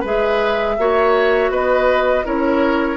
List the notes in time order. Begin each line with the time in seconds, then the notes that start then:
0.00 G#3 G#4 B4 E5
0.78 A#3 F#4 C#5
1.50 B3 B4 D#5
2.24 C#4 E4 A#4 C#5